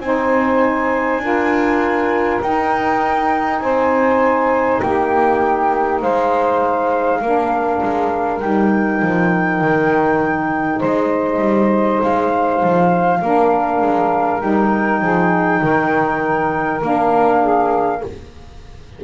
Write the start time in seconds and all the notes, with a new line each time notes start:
0.00 C4 D#4 C5 G#5
1.19 D4 F4 A#4
2.42 D#4 G5
3.60 C4 C5 G#5
4.81 A#3 G4 G5
6.02 G#3 C5 F5
7.20 A#3 D4 A#4
7.83 G#3
8.40 G3 D#4 G5
9.03 F3
9.62 D#3
10.80 G#3 C5 D#5
11.39 G3
12.02 G#3 F5
12.63 F3
13.22 A#3 D4 A#4
13.81 G#3
14.41 G3 D#4 G5
15.01 F3 G#4
15.62 D#3 A#4
16.82 A#3 D4 F5
17.41 G#4